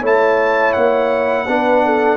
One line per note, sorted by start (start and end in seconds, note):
0.00 0.74 A3
0.00 1.46 E4
0.00 1.45 C#5
0.00 0.73 A5
0.73 1.47 A#3
0.73 2.17 F#5
1.47 2.17 B3
1.47 2.17 D4
1.47 1.85 B4
1.85 2.17 A4